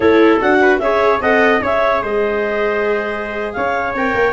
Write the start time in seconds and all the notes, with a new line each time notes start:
0.00 A3 E4 A4 C#5
0.40 D4 F#4 F#5
0.61 B4
0.78 C#4 G#4 C#5 E5
1.20 C4 A4 D#5 F#5
1.62 C#4 G#4 C#5 E5
2.02 G#3 C5 D#5
3.52 C#4 C#5 F5
3.94 C4 A#4 G5
4.14 A#3